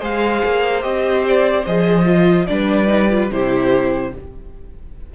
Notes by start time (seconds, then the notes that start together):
0.00 G#3 G#4 C5 F5
0.45 A#3
0.82 C4 G4 D#5
1.28 D5
1.67 F3 G#4 D#5
2.05 F4
2.47 G3 D4 B4 D5
2.87 D#4
3.10 F4
3.31 C3 E4 G4 C5